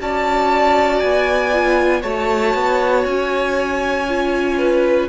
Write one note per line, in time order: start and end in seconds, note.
0.00 1.03 C#4
0.00 1.53 F#4
0.00 2.02 D5
0.00 1.00 A5
1.00 2.04 B3
1.00 2.02 G#5
1.54 2.02 F4
2.02 2.54 A3
2.02 4.05 F#4
2.02 4.56 C#5
2.02 3.05 A5
2.55 3.05 B3
3.05 5.09 C#4
3.05 5.09 G#5
4.08 5.09 F4
4.58 5.09 B4